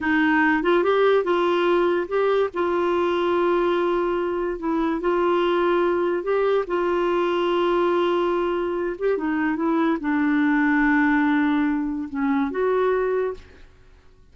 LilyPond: \new Staff \with { instrumentName = "clarinet" } { \time 4/4 \tempo 4 = 144 dis'4. f'8 g'4 f'4~ | f'4 g'4 f'2~ | f'2. e'4 | f'2. g'4 |
f'1~ | f'4. g'8 dis'4 e'4 | d'1~ | d'4 cis'4 fis'2 | }